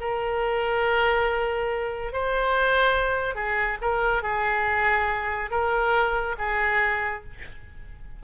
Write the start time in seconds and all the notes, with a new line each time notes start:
0.00 A#4
2.13 C5
3.35 G#4
3.82 A#4
4.23 G#4
5.51 A#4
6.38 G#4